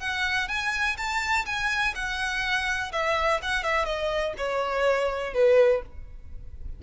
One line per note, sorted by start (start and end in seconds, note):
0.00 0.48 F#5
0.48 0.97 G#5
0.97 1.46 A5
1.46 1.94 G#5
1.95 2.92 F#5
2.92 3.41 E5
3.42 3.63 F#5
3.63 3.86 E5
3.86 4.34 D#5
4.37 5.34 C#5
5.34 5.82 B4